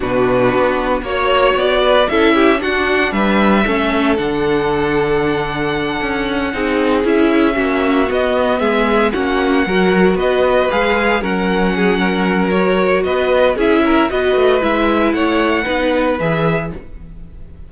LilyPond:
<<
  \new Staff \with { instrumentName = "violin" } { \time 4/4 \tempo 4 = 115 b'2 cis''4 d''4 | e''4 fis''4 e''2 | fis''1~ | fis''4. e''2 dis''8~ |
dis''8 e''4 fis''2 dis''8~ | dis''8 f''4 fis''2~ fis''8 | cis''4 dis''4 e''4 dis''4 | e''4 fis''2 e''4 | }
  \new Staff \with { instrumentName = "violin" } { \time 4/4 fis'2 cis''4. b'8 | a'8 g'8 fis'4 b'4 a'4~ | a'1~ | a'8 gis'2 fis'4.~ |
fis'8 gis'4 fis'4 ais'4 b'8~ | b'4. ais'4 gis'8 ais'4~ | ais'4 b'4 gis'8 ais'8 b'4~ | b'4 cis''4 b'2 | }
  \new Staff \with { instrumentName = "viola" } { \time 4/4 d'2 fis'2 | e'4 d'2 cis'4 | d'1~ | d'8 dis'4 e'4 cis'4 b8~ |
b4. cis'4 fis'4.~ | fis'8 gis'4 cis'2~ cis'8 | fis'2 e'4 fis'4 | e'2 dis'4 gis'4 | }
  \new Staff \with { instrumentName = "cello" } { \time 4/4 b,4 b4 ais4 b4 | cis'4 d'4 g4 a4 | d2.~ d8 cis'8~ | cis'8 c'4 cis'4 ais4 b8~ |
b8 gis4 ais4 fis4 b8~ | b8 gis4 fis2~ fis8~ | fis4 b4 cis'4 b8 a8 | gis4 a4 b4 e4 | }
>>